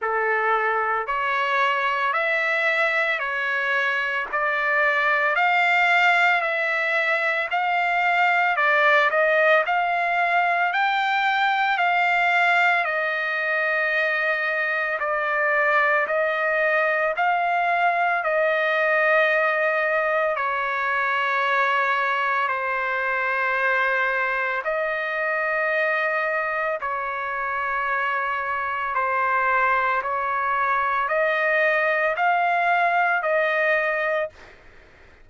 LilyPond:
\new Staff \with { instrumentName = "trumpet" } { \time 4/4 \tempo 4 = 56 a'4 cis''4 e''4 cis''4 | d''4 f''4 e''4 f''4 | d''8 dis''8 f''4 g''4 f''4 | dis''2 d''4 dis''4 |
f''4 dis''2 cis''4~ | cis''4 c''2 dis''4~ | dis''4 cis''2 c''4 | cis''4 dis''4 f''4 dis''4 | }